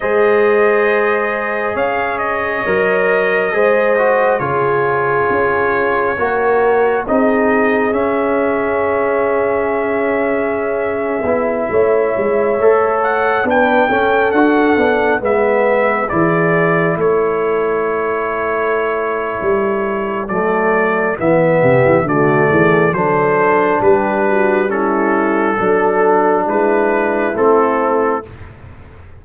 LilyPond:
<<
  \new Staff \with { instrumentName = "trumpet" } { \time 4/4 \tempo 4 = 68 dis''2 f''8 dis''4.~ | dis''4 cis''2. | dis''4 e''2.~ | e''2~ e''8. fis''8 g''8.~ |
g''16 fis''4 e''4 d''4 cis''8.~ | cis''2. d''4 | e''4 d''4 c''4 b'4 | a'2 b'4 a'4 | }
  \new Staff \with { instrumentName = "horn" } { \time 4/4 c''2 cis''2 | c''4 gis'2 ais'4 | gis'1~ | gis'4~ gis'16 cis''2 b'8 a'16~ |
a'4~ a'16 b'4 gis'4 a'8.~ | a'1~ | a'8 g'8 fis'8 gis'8 a'4 g'8 fis'8 | e'4 a'4 e'2 | }
  \new Staff \with { instrumentName = "trombone" } { \time 4/4 gis'2. ais'4 | gis'8 fis'8 f'2 fis'4 | dis'4 cis'2.~ | cis'8. e'4. a'4 d'8 cis'16~ |
cis'16 fis'8 d'8 b4 e'4.~ e'16~ | e'2. a4 | b4 a4 d'2 | cis'4 d'2 c'4 | }
  \new Staff \with { instrumentName = "tuba" } { \time 4/4 gis2 cis'4 fis4 | gis4 cis4 cis'4 ais4 | c'4 cis'2.~ | cis'8. b8 a8 gis8 a4 b8 cis'16~ |
cis'16 d'8 b8 gis4 e4 a8.~ | a2 g4 fis4 | e8 c16 e16 d8 e8 fis4 g4~ | g4 fis4 gis4 a4 | }
>>